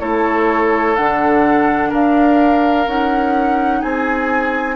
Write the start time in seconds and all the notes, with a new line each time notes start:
0.00 A3 E4 A4 C#5
0.95 D3 D4 F#5
1.89 D4 A#4 F5
2.86 C#4 D#4 F#5
3.81 C4 G#4 G#5